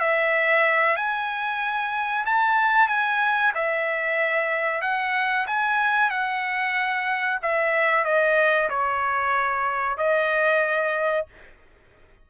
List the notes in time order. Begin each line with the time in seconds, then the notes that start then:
0.00 E5
0.96 G#5
2.26 A5
2.88 G#5
3.55 E5
4.82 F#5
5.47 G#5
6.10 F#5
7.42 E5
8.05 D#5
8.70 C#5
9.98 D#5